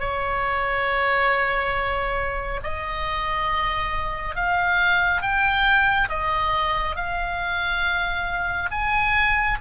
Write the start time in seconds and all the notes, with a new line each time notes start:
0.00 C#5
2.64 D#5
4.36 F5
5.22 G5
6.09 D#5
6.96 F5
8.71 G#5